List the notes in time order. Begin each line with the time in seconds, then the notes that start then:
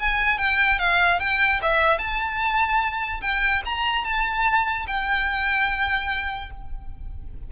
0.00 G#5
0.38 G5
0.79 F5
1.20 G5
1.62 E5
1.99 A5
3.22 G5
3.65 A#5
4.05 A5
4.88 G5